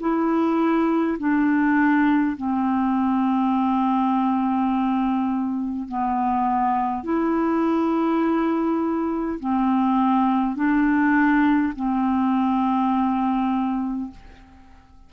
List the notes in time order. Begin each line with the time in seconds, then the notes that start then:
0.00 E4
1.19 D4
2.37 C4
5.88 B3
7.04 E4
9.40 C4
10.56 D4
11.76 C4